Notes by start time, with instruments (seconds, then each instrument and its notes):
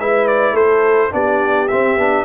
0.00 tuba G#3, trombone E4, horn B4, trumpet E5
0.28 trumpet D5
0.53 tuba A3, horn A4, trumpet C5
1.11 tuba B3, trombone D4, horn G4, trumpet D5
1.68 trombone C4, tuba C4, trumpet E5
1.96 tuba B3, trombone D4